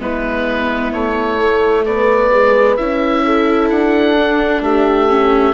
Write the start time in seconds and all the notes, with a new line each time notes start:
0.00 G#3 B3 E4 B4
0.93 A3 C#5
1.39 A3
1.86 B3 B4 D5
2.32 G#3
2.77 C#4 E4 E5
3.25 A4
3.70 D4 F#5
4.18 D4
4.62 A3 G4 E5
5.09 C#4